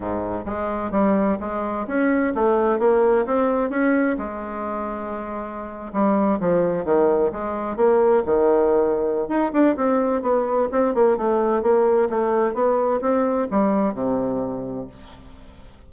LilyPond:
\new Staff \with { instrumentName = "bassoon" } { \time 4/4 \tempo 4 = 129 gis,4 gis4 g4 gis4 | cis'4 a4 ais4 c'4 | cis'4 gis2.~ | gis8. g4 f4 dis4 gis16~ |
gis8. ais4 dis2~ dis16 | dis'8 d'8 c'4 b4 c'8 ais8 | a4 ais4 a4 b4 | c'4 g4 c2 | }